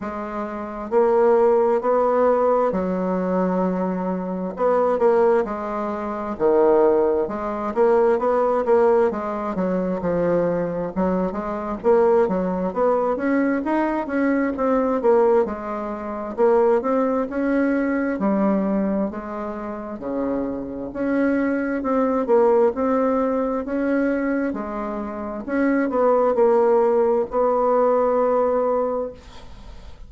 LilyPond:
\new Staff \with { instrumentName = "bassoon" } { \time 4/4 \tempo 4 = 66 gis4 ais4 b4 fis4~ | fis4 b8 ais8 gis4 dis4 | gis8 ais8 b8 ais8 gis8 fis8 f4 | fis8 gis8 ais8 fis8 b8 cis'8 dis'8 cis'8 |
c'8 ais8 gis4 ais8 c'8 cis'4 | g4 gis4 cis4 cis'4 | c'8 ais8 c'4 cis'4 gis4 | cis'8 b8 ais4 b2 | }